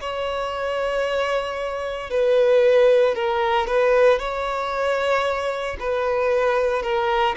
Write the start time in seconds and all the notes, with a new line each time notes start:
0.00 C#5
2.10 B4
3.15 A#4
3.67 B4
4.19 C#5
5.79 B4
6.82 A#4